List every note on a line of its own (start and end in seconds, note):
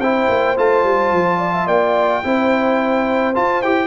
0.00 0.28 C4
0.00 0.57 E4
0.00 1.38 C5
0.00 0.57 G5
0.29 0.57 A#3
0.57 0.84 A3
0.57 2.24 F4
0.57 1.68 A5
0.84 1.12 G3
1.12 1.68 F3
1.38 1.52 D5
1.54 1.67 E5
1.67 2.23 A#3
1.67 2.23 D5
1.67 3.34 G5
2.24 3.36 C4
2.24 3.35 E4
2.24 3.87 C5
3.35 3.62 F4
3.35 3.63 F4
3.35 3.63 A5
3.63 3.87 E4
3.63 3.87 G4
3.63 3.87 G5